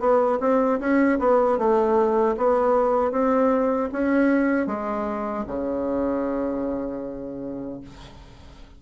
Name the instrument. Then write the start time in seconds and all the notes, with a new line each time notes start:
bassoon
0.00 B3
0.41 C4
0.80 C#4
1.19 B3
1.58 A3
2.38 B3
3.12 C4
3.93 C#4
4.67 G#3
5.48 C#3